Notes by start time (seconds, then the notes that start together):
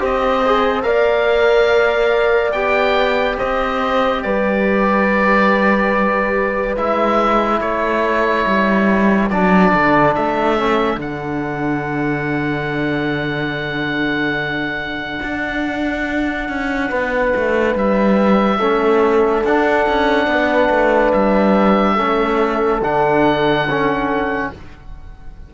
0.00 C4 G4 C5 D#5
0.47 G#4
0.83 A#3 A#4 D5 F5
2.52 B3 G4 G5
3.39 C4 C5 D#5
4.23 G3 B4 D5
6.77 G#3 E4 E5
7.60 A3 A4 C#5
8.47 G3
9.30 F#3 D4 D5
9.74 D3
10.15 A3 E5
10.58 C#4
10.97 D3 D4 F#5
15.23 D4
16.49 C#4
16.90 B3 B4
17.36 A3
17.76 G3 E5
18.59 A3 C#4 A4
19.44 D4 F#5
19.89 C#4
20.27 B3 B4
20.70 A3
21.12 G3 E5
21.96 A3 C#4 A4
22.82 D3 D4 F#5
23.70 C#4